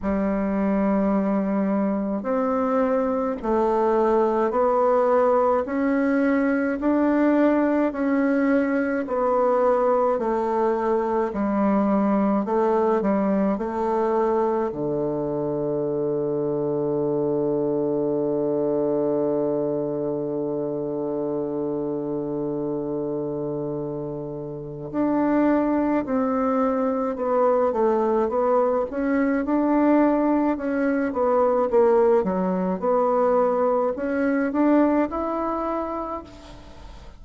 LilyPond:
\new Staff \with { instrumentName = "bassoon" } { \time 4/4 \tempo 4 = 53 g2 c'4 a4 | b4 cis'4 d'4 cis'4 | b4 a4 g4 a8 g8 | a4 d2.~ |
d1~ | d2 d'4 c'4 | b8 a8 b8 cis'8 d'4 cis'8 b8 | ais8 fis8 b4 cis'8 d'8 e'4 | }